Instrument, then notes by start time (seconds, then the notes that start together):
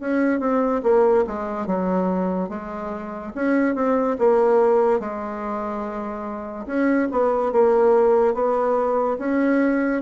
bassoon
0.00 C#4
0.40 C4
0.83 A#3
1.27 G#3
1.67 F#3
2.49 G#3
3.35 C#4
3.75 C4
4.19 A#3
5.00 G#3
6.67 C#4
7.11 B3
7.52 A#3
8.34 B3
9.19 C#4